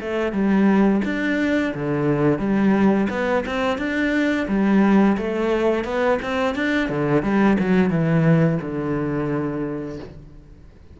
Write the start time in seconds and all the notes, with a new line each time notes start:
0.00 A3
0.32 G3
1.04 D4
1.74 D3
2.39 G3
3.09 B3
3.46 C4
3.78 D4
4.48 G3
5.17 A3
5.84 B3
6.22 C4
6.55 D4
6.89 D3
7.23 G3
7.59 F#3
7.90 E3
8.61 D3